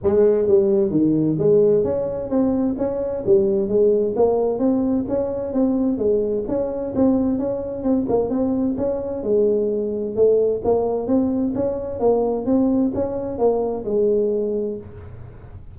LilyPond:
\new Staff \with { instrumentName = "tuba" } { \time 4/4 \tempo 4 = 130 gis4 g4 dis4 gis4 | cis'4 c'4 cis'4 g4 | gis4 ais4 c'4 cis'4 | c'4 gis4 cis'4 c'4 |
cis'4 c'8 ais8 c'4 cis'4 | gis2 a4 ais4 | c'4 cis'4 ais4 c'4 | cis'4 ais4 gis2 | }